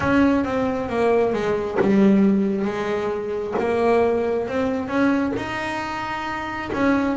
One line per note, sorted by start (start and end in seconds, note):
0.00 0.44 C#4
0.44 0.89 C4
0.89 1.33 A#3
1.33 1.77 G#3
1.80 2.64 G3
2.64 3.54 G#3
3.59 4.48 A#3
4.48 4.88 C4
4.88 5.32 C#4
5.36 6.70 D#4
6.73 7.17 C#4